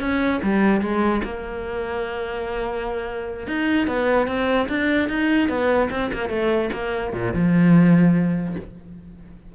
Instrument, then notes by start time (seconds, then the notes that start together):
cello
0.00 C#4
0.43 G3
0.81 G#3
1.24 A#3
3.47 D#4
3.87 B3
4.27 C4
4.69 D4
5.09 D#4
5.49 B3
5.91 C4
6.13 A#3
6.29 A3
6.73 A#3
7.13 A#2
7.33 F3